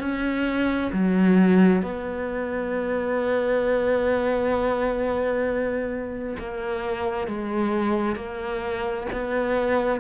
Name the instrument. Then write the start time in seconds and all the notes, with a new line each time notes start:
cello
0.00 C#4
0.93 F#3
1.82 B3
6.39 A#3
7.28 G#3
8.16 A#3
9.12 B3